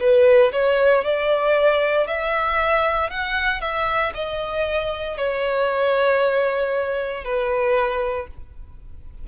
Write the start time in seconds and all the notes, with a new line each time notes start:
0.00 B4
0.52 C#5
1.04 D5
2.07 E5
3.10 F#5
3.61 E5
4.14 D#5
5.17 C#5
7.24 B4